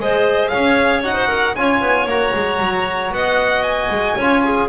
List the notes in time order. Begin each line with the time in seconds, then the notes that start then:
0.00 G#3 G#4 C5 D#5
0.49 C#4 C#5 F5
1.04 D#4 F#4 F#5
1.15 C5
1.28 A#4
1.56 C#4 F4 C#5 G#5
1.82 B3
2.06 A#3 F#4 A#5
2.35 G#3
2.60 F#3
3.11 B3 D#5 F#5
3.64 G#5
3.91 G#3
4.17 C#4 F4 C#5
4.44 G#4